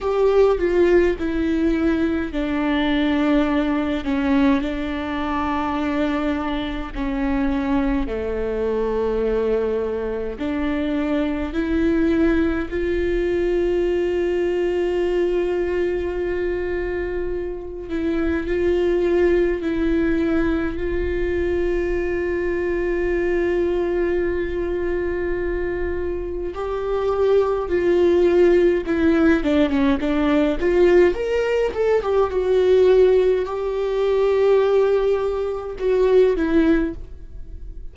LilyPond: \new Staff \with { instrumentName = "viola" } { \time 4/4 \tempo 4 = 52 g'8 f'8 e'4 d'4. cis'8 | d'2 cis'4 a4~ | a4 d'4 e'4 f'4~ | f'2.~ f'8 e'8 |
f'4 e'4 f'2~ | f'2. g'4 | f'4 e'8 d'16 cis'16 d'8 f'8 ais'8 a'16 g'16 | fis'4 g'2 fis'8 e'8 | }